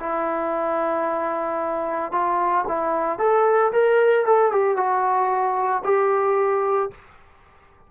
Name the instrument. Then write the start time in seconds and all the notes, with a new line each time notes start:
trombone
0.00 E4
2.12 F4
2.68 E4
3.19 A4
3.72 A#4
4.26 A4
4.52 G4
4.77 F#4
5.85 G4